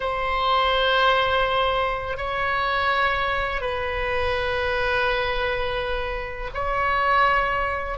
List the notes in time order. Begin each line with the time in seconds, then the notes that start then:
0.00 C5
2.17 C#5
3.61 B4
6.54 C#5